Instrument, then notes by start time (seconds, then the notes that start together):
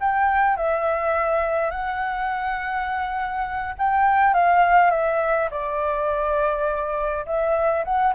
flute
0.00 G5
0.57 E5
1.71 F#5
3.78 G5
4.34 F5
4.91 E5
5.50 D5
7.26 E5
7.85 F#5